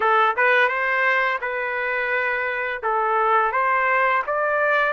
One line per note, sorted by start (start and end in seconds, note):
0.00 0.35 A4
0.36 0.68 B4
0.68 1.39 C5
1.41 2.82 B4
2.82 3.52 A4
3.52 4.22 C5
4.26 4.93 D5